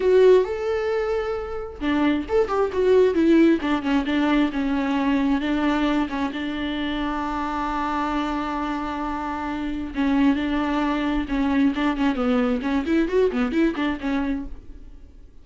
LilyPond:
\new Staff \with { instrumentName = "viola" } { \time 4/4 \tempo 4 = 133 fis'4 a'2. | d'4 a'8 g'8 fis'4 e'4 | d'8 cis'8 d'4 cis'2 | d'4. cis'8 d'2~ |
d'1~ | d'2 cis'4 d'4~ | d'4 cis'4 d'8 cis'8 b4 | cis'8 e'8 fis'8 b8 e'8 d'8 cis'4 | }